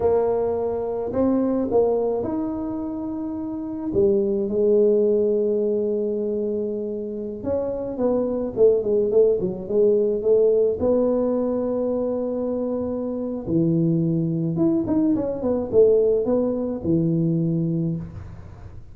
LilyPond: \new Staff \with { instrumentName = "tuba" } { \time 4/4 \tempo 4 = 107 ais2 c'4 ais4 | dis'2. g4 | gis1~ | gis4~ gis16 cis'4 b4 a8 gis16~ |
gis16 a8 fis8 gis4 a4 b8.~ | b1 | e2 e'8 dis'8 cis'8 b8 | a4 b4 e2 | }